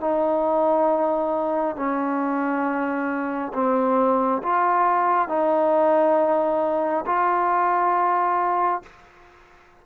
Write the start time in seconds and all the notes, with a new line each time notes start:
0.00 D#4
1.76 C#4
3.53 C4
4.42 F4
5.28 D#4
7.05 F4